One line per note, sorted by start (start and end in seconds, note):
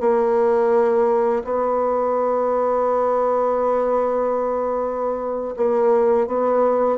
0.00 1.43 A#3
1.44 5.55 B3
5.57 6.27 A#3
6.27 6.98 B3